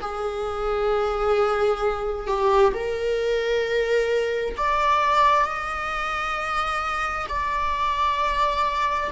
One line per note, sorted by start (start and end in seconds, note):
0.00 2.27 G#4
2.27 2.72 G4
2.74 4.55 A#4
4.57 5.44 D5
5.44 7.26 D#5
7.28 9.10 D5